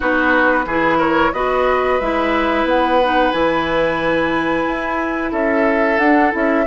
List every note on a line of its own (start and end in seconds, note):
0.00 0.65 B3
0.00 0.64 D#4
0.00 0.65 F#4
0.00 0.99 B4
0.65 1.32 E3
0.65 1.33 E4
0.65 0.98 G#4
0.98 1.31 A#4
0.98 1.33 C#5
1.32 1.99 B3
1.32 2.00 F#4
1.32 5.31 B4
1.32 1.99 D#5
2.00 2.64 G#3
2.00 3.02 E4
2.00 2.66 E5
2.64 3.31 B3
2.64 3.31 F#5
3.02 3.33 D#4
3.31 4.66 E3
3.31 6.00 E4
3.31 5.31 G#5
4.67 5.32 E4
5.31 5.98 C#4
5.31 6.65 A4
5.31 5.98 E5
5.98 6.31 D4
5.98 6.31 F#5
6.31 6.66 C#4
6.31 6.64 E4
6.31 6.66 E5